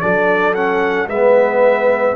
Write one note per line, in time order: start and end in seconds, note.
0.00 1.07 F#3
0.00 0.54 D4
0.00 1.08 A4
0.00 0.54 D5
0.54 1.09 C#4
0.54 1.08 F#5
1.07 2.15 G#3
1.07 2.16 B3
1.07 2.16 B4
1.07 2.16 E5